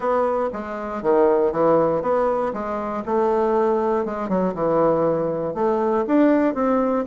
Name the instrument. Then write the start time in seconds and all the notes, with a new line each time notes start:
bassoon
0.00 B3
0.52 G#3
1.02 D#3
1.52 E3
2.02 B3
2.53 G#3
3.05 A3
4.05 G#3
4.28 F#3
4.54 E3
5.54 A3
6.07 D4
6.54 C4